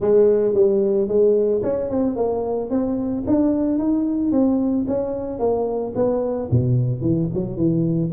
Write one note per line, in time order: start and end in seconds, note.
0.00 0.54 G#3
0.54 1.08 G3
1.08 1.62 G#3
1.63 1.90 C#4
1.90 2.16 C4
2.16 2.70 A#3
2.70 3.24 C4
3.27 3.78 D4
3.78 4.31 D#4
4.31 4.85 C4
4.87 5.39 C#4
5.39 5.93 A#3
5.95 6.49 B3
6.50 7.01 B2
7.01 7.28 E3
7.34 7.56 F#3
7.56 8.10 E3